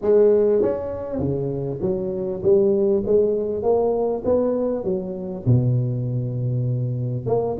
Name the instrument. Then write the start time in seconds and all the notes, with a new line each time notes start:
tuba
0.01 G#3
0.62 C#4
1.19 C#3
1.81 F#3
2.42 G3
3.06 G#3
3.62 A#3
4.25 B3
4.84 F#3
5.45 B2
7.26 A#3